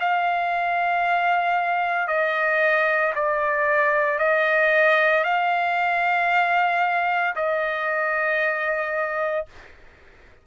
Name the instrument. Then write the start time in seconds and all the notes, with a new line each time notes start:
trumpet
0.00 F5
2.08 D#5
3.15 D5
4.19 D#5
5.24 F5
7.36 D#5